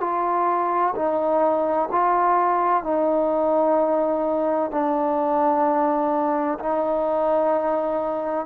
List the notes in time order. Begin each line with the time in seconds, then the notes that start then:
0.00 F4
0.95 D#4
1.91 F4
2.83 D#4
4.70 D4
6.59 D#4